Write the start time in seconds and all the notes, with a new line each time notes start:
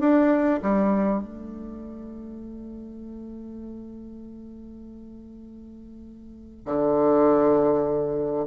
0.00 D4
0.63 G3
1.23 A3
6.66 D3